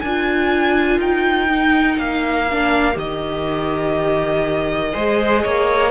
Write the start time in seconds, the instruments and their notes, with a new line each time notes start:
0.00 cello D4, viola F4, violin A#4 G#5
0.99 cello D#4, violin G5
1.48 viola D#4
1.98 cello A#3, violin F5
2.51 viola D4
2.93 cello D#3, viola G4, violin D#5
4.92 cello G#3, viola G#4, violin C5
5.42 cello A#3, violin C#5